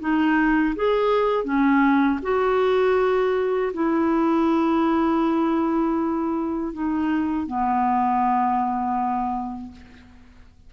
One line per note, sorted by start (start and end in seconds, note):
0.00 0.75 D#4
0.76 1.45 G#4
1.45 2.20 C#4
2.23 3.73 F#4
3.74 6.73 E4
6.73 7.47 D#4
7.47 9.72 B3